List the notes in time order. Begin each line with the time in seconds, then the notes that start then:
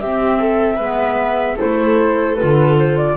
0.00 C4 G4 E5
0.39 A4
0.76 G#3 B3 B4
1.55 E4 A4 C5
1.62 A3
2.36 F4 B4
2.43 D3
2.79 C5
2.98 D5